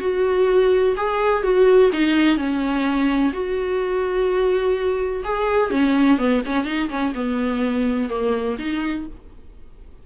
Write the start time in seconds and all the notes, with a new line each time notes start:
0.00 F#4
0.96 G#4
1.43 F#4
1.92 D#4
2.36 C#4
3.32 F#4
5.24 G#4
5.70 C#4
6.18 B3
6.45 C#4
6.65 D#4
6.89 C#4
7.14 B3
8.09 A#3
8.58 D#4